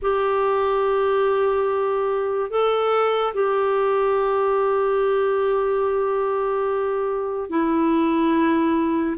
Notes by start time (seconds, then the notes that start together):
0.02 G4
2.50 A4
3.33 G4
7.49 E4